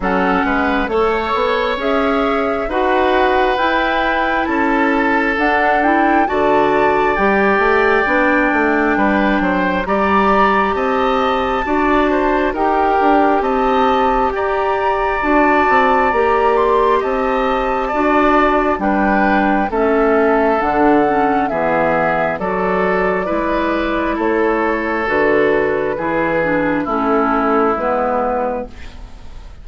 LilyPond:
<<
  \new Staff \with { instrumentName = "flute" } { \time 4/4 \tempo 4 = 67 fis''4 cis''4 e''4 fis''4 | g''4 a''4 fis''8 g''8 a''4 | g''2. ais''4 | a''2 g''4 a''4 |
ais''4 a''4 ais''8 c'''8 a''4~ | a''4 g''4 e''4 fis''4 | e''4 d''2 cis''4 | b'2 a'4 b'4 | }
  \new Staff \with { instrumentName = "oboe" } { \time 4/4 a'8 b'8 cis''2 b'4~ | b'4 a'2 d''4~ | d''2 b'8 c''8 d''4 | dis''4 d''8 c''8 ais'4 dis''4 |
d''2. dis''4 | d''4 b'4 a'2 | gis'4 a'4 b'4 a'4~ | a'4 gis'4 e'2 | }
  \new Staff \with { instrumentName = "clarinet" } { \time 4/4 cis'4 a'4 gis'4 fis'4 | e'2 d'8 e'8 fis'4 | g'4 d'2 g'4~ | g'4 fis'4 g'2~ |
g'4 fis'4 g'2 | fis'4 d'4 cis'4 d'8 cis'8 | b4 fis'4 e'2 | fis'4 e'8 d'8 cis'4 b4 | }
  \new Staff \with { instrumentName = "bassoon" } { \time 4/4 fis8 gis8 a8 b8 cis'4 dis'4 | e'4 cis'4 d'4 d4 | g8 a8 b8 a8 g8 fis8 g4 | c'4 d'4 dis'8 d'8 c'4 |
g'4 d'8 c'8 ais4 c'4 | d'4 g4 a4 d4 | e4 fis4 gis4 a4 | d4 e4 a4 gis4 | }
>>